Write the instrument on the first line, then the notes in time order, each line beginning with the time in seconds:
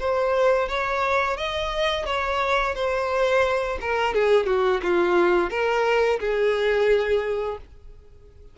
violin
0.00 C5
0.69 C#5
1.37 D#5
2.06 C#5
2.75 C5
3.81 A#4
4.14 G#4
4.46 F#4
4.82 F4
5.50 A#4
6.20 G#4